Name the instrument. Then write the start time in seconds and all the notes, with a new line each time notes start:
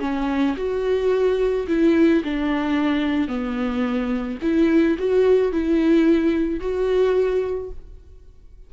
viola
0.00 C#4
0.57 F#4
1.67 E4
2.24 D4
3.28 B3
4.42 E4
4.98 F#4
5.52 E4
6.60 F#4